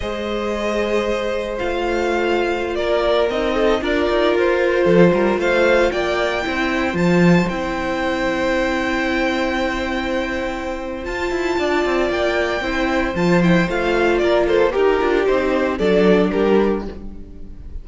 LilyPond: <<
  \new Staff \with { instrumentName = "violin" } { \time 4/4 \tempo 4 = 114 dis''2. f''4~ | f''4~ f''16 d''4 dis''4 d''8.~ | d''16 c''2 f''4 g''8.~ | g''4~ g''16 a''4 g''4.~ g''16~ |
g''1~ | g''4 a''2 g''4~ | g''4 a''8 g''8 f''4 d''8 c''8 | ais'4 c''4 d''4 ais'4 | }
  \new Staff \with { instrumentName = "violin" } { \time 4/4 c''1~ | c''4~ c''16 ais'4. a'8 ais'8.~ | ais'4~ ais'16 a'8 ais'8 c''4 d''8.~ | d''16 c''2.~ c''8.~ |
c''1~ | c''2 d''2 | c''2. ais'8 a'8 | g'2 a'4 g'4 | }
  \new Staff \with { instrumentName = "viola" } { \time 4/4 gis'2. f'4~ | f'2~ f'16 dis'4 f'8.~ | f'1~ | f'16 e'4 f'4 e'4.~ e'16~ |
e'1~ | e'4 f'2. | e'4 f'8 e'8 f'2 | g'8 f'8 dis'4 d'2 | }
  \new Staff \with { instrumentName = "cello" } { \time 4/4 gis2. a4~ | a4~ a16 ais4 c'4 d'8 dis'16~ | dis'16 f'4 f8 g8 a4 ais8.~ | ais16 c'4 f4 c'4.~ c'16~ |
c'1~ | c'4 f'8 e'8 d'8 c'8 ais4 | c'4 f4 a4 ais4 | dis'8 d'8 c'4 fis4 g4 | }
>>